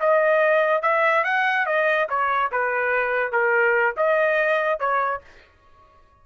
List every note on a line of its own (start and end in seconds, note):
0.00 0.82 D#5
0.82 1.24 E5
1.24 1.66 F#5
1.66 2.08 D#5
2.09 2.51 C#5
2.52 3.32 B4
3.32 3.95 A#4
3.97 4.79 D#5
4.79 5.21 C#5